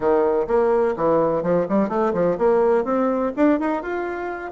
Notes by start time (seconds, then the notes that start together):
0.00 D#3
0.47 A#3
0.96 E3
1.42 F3
1.68 G3
1.88 A3
2.13 F3
2.38 A#3
2.84 C4
3.36 D4
3.59 D#4
3.82 F4